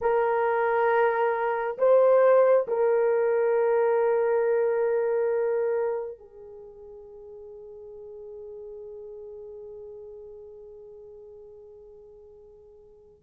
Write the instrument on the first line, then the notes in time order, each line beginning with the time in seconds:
horn
0.01 A#4
1.78 C5
2.67 A#4
6.18 G#4